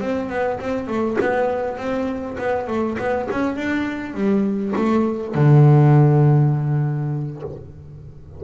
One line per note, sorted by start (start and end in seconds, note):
0.00 0.29 C4
0.29 0.59 B3
0.60 0.87 C4
0.87 1.17 A3
1.20 1.77 B3
1.77 2.37 C4
2.38 2.67 B3
2.67 2.97 A3
2.99 3.28 B3
3.31 3.56 C#4
3.56 4.14 D4
4.14 4.73 G3
4.76 5.34 A3
5.34 7.42 D3